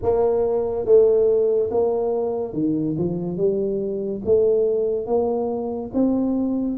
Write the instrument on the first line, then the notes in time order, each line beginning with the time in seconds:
tuba
0.02 A#3
0.85 A3
1.70 A#3
2.53 D#3
2.98 F3
3.37 G3
4.25 A3
5.06 A#3
5.93 C4